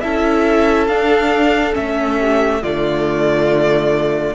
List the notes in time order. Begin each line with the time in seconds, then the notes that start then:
0.00 C#4 E4 A4 E5
0.87 D4 F5
1.73 A3 C#4 E5
2.19 G4
2.61 D3 A3 F4 D5